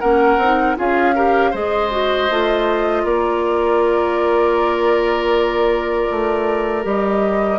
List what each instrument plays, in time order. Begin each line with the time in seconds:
0.00 bassoon A#3, clarinet C#4, oboe A#4, flute F#5
0.37 bassoon C4
0.43 clarinet D#4
0.76 bassoon C#4, clarinet F4, oboe G#4, flute F5
1.15 clarinet G4, oboe A#4
1.50 bassoon G#3, clarinet G#4, oboe C5, flute D#5
1.91 clarinet F#4
2.30 bassoon A3, clarinet F4
3.04 bassoon A#3, oboe A#4, flute D5
6.11 bassoon A3
6.83 bassoon G3, clarinet G4, flute D#5